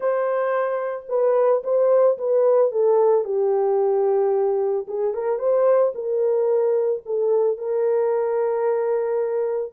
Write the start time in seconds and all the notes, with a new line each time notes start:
0.00 C5
1.08 B4
1.63 C5
2.18 B4
2.71 A4
3.24 G4
4.87 G#4
5.14 A#4
5.38 C5
5.94 A#4
7.05 A4
7.57 A#4